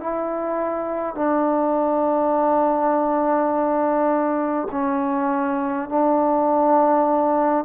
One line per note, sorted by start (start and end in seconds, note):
0.00 1.15 E4
1.15 4.68 D4
4.72 5.89 C#4
5.89 7.65 D4